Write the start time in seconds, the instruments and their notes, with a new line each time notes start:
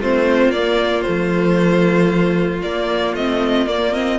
0.00 cello A3, viola C4, violin F4 C5
0.48 cello A#3, viola A#3, violin D5
1.01 viola A3, violin C5
1.08 cello F3
2.62 cello A#3, viola A#3, violin D5
3.13 cello A3, viola C4, violin D#5
3.66 cello A#3, viola A#3, violin D5
3.92 viola C4, violin D#5